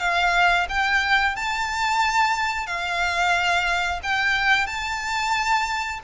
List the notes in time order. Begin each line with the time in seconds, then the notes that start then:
0.00 F5
0.69 G5
1.36 A5
2.67 F5
4.03 G5
4.67 A5